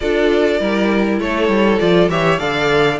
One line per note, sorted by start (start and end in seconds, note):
0.00 0.60 D4
0.00 0.60 F4
0.00 0.60 A4
0.00 1.19 D5
0.60 1.20 G3
0.60 1.80 E4
0.60 1.20 A#4
1.20 1.48 A3
1.20 2.11 A4
1.20 1.79 C#5
1.48 1.78 G3
1.79 2.08 F3
1.79 2.09 F4
1.79 2.09 D5
2.08 2.38 E3
2.08 2.39 G4
2.08 2.39 C#5
2.08 2.38 E5
2.38 2.99 D3
2.38 2.99 A4
2.38 2.99 D5
2.38 2.98 F5